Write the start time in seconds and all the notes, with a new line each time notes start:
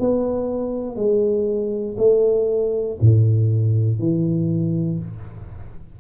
0.00 B3
0.96 G#3
1.98 A3
3.01 A2
4.00 E3